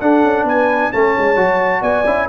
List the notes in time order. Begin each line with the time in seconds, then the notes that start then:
0.00 D4 A4 F#5
0.23 C#4
0.43 B3 B4 G#5
0.92 A3 C#4 C#5 A5
1.18 G#3
1.36 F#3 F#4
1.81 B3 D5 G#5
2.05 C#4 E4